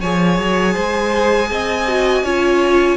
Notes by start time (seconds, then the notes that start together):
0.00 F3 G#4 C#5 G#5
0.38 F#3
0.74 G#3 C5
1.50 C4 D#5
1.87 F#4
2.23 C#4 F4 C#5